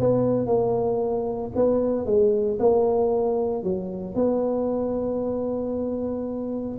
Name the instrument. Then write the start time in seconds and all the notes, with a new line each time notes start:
tuba
0.00 B3
0.46 A#3
1.56 B3
2.06 G#3
2.60 A#3
3.64 F#3
4.15 B3